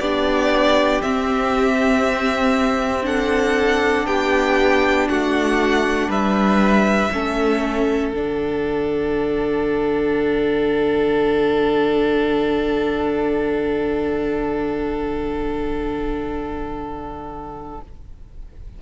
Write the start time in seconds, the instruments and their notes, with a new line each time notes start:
0.00 cello B3, viola D4, violin G4 D5
1.02 viola C4, cello C4, violin E5
3.03 viola D4, violin A4 F#5
4.07 cello B3, violin G4 G5
5.09 cello A3, violin F#4 F#5
6.08 cello G3, violin B4 E5
7.12 cello A3, viola C#4, violin A4
8.13 cello D3, viola D4, violin F#5